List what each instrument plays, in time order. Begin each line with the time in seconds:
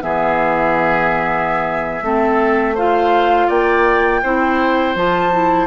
0.00 bassoon E3, clarinet B3, oboe G#4, flute E5
2.01 bassoon A3, clarinet C4, oboe A4
2.74 clarinet F4, oboe C5, flute F5
3.47 bassoon A#3, oboe D5, flute G5
4.22 bassoon C4, clarinet E4, oboe C5
4.95 bassoon F3, clarinet F4, flute A5
5.32 clarinet E4